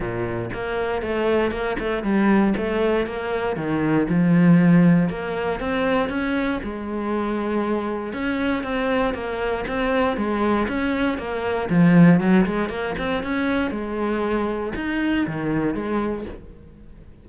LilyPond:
\new Staff \with { instrumentName = "cello" } { \time 4/4 \tempo 4 = 118 ais,4 ais4 a4 ais8 a8 | g4 a4 ais4 dis4 | f2 ais4 c'4 | cis'4 gis2. |
cis'4 c'4 ais4 c'4 | gis4 cis'4 ais4 f4 | fis8 gis8 ais8 c'8 cis'4 gis4~ | gis4 dis'4 dis4 gis4 | }